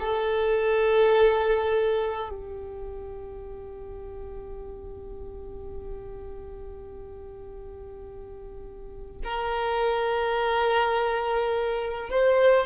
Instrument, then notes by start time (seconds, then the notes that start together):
violin
0.00 A4
2.29 G4
9.25 A#4
12.10 C5